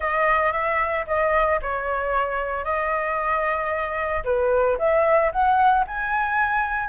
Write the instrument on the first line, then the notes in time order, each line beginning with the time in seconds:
flute
0.00 D#5
0.52 E5
1.06 D#5
1.62 C#5
2.64 D#5
4.24 B4
4.78 E5
5.31 F#5
5.87 G#5